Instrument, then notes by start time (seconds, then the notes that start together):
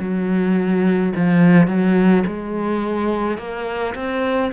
cello
0.00 F#3
1.16 F3
1.67 F#3
2.27 G#3
3.38 A#3
3.95 C4